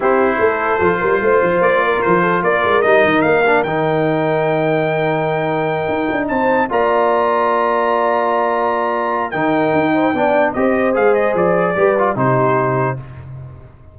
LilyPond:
<<
  \new Staff \with { instrumentName = "trumpet" } { \time 4/4 \tempo 4 = 148 c''1 | d''4 c''4 d''4 dis''4 | f''4 g''2.~ | g''2.~ g''8 a''8~ |
a''8 ais''2.~ ais''8~ | ais''2. g''4~ | g''2 dis''4 f''8 dis''8 | d''2 c''2 | }
  \new Staff \with { instrumentName = "horn" } { \time 4/4 g'4 a'4. ais'8 c''4~ | c''8 ais'4 a'8 ais'2~ | ais'1~ | ais'2.~ ais'8 c''8~ |
c''8 d''2.~ d''8~ | d''2. ais'4~ | ais'8 c''8 d''4 c''2~ | c''4 b'4 g'2 | }
  \new Staff \with { instrumentName = "trombone" } { \time 4/4 e'2 f'2~ | f'2. dis'4~ | dis'8 d'8 dis'2.~ | dis'1~ |
dis'8 f'2.~ f'8~ | f'2. dis'4~ | dis'4 d'4 g'4 gis'4~ | gis'4 g'8 f'8 dis'2 | }
  \new Staff \with { instrumentName = "tuba" } { \time 4/4 c'4 a4 f8 g8 a8 f8 | ais4 f4 ais8 gis8 g8 dis8 | ais4 dis2.~ | dis2~ dis8 dis'8 d'8 c'8~ |
c'8 ais2.~ ais8~ | ais2. dis4 | dis'4 b4 c'4 gis4 | f4 g4 c2 | }
>>